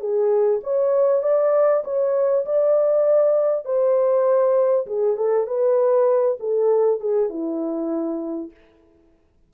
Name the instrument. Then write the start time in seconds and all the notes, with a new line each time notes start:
horn
0.00 G#4
0.63 C#5
1.23 D5
1.84 C#5
2.45 D5
3.65 C5
4.87 G#4
5.17 A4
5.47 B4
6.40 A4
7.00 G#4
7.29 E4